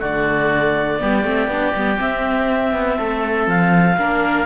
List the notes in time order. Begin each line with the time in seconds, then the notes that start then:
0.00 D3 A3 F#4 D5
0.99 G3 B3 G4
1.25 A3 C4
1.48 B3 D4
1.76 G3 B3
1.97 C4 E5
2.73 B3
2.98 A3 A4
3.47 F3 F5
3.98 A#3 D4 A#4